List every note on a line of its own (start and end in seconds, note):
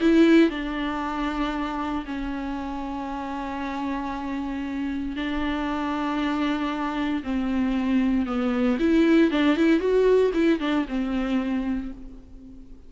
0.00 0.50 E4
0.50 2.05 D4
2.06 5.16 C#4
5.16 7.23 D4
7.23 8.26 C4
8.26 8.78 B3
8.79 9.31 E4
9.31 9.56 D4
9.56 9.79 E4
9.79 10.31 F#4
10.34 10.60 E4
10.60 10.86 D4
10.88 11.92 C4